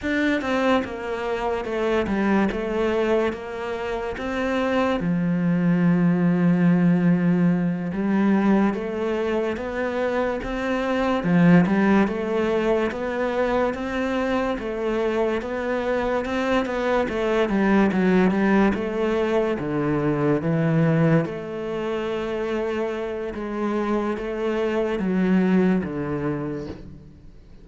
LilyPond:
\new Staff \with { instrumentName = "cello" } { \time 4/4 \tempo 4 = 72 d'8 c'8 ais4 a8 g8 a4 | ais4 c'4 f2~ | f4. g4 a4 b8~ | b8 c'4 f8 g8 a4 b8~ |
b8 c'4 a4 b4 c'8 | b8 a8 g8 fis8 g8 a4 d8~ | d8 e4 a2~ a8 | gis4 a4 fis4 d4 | }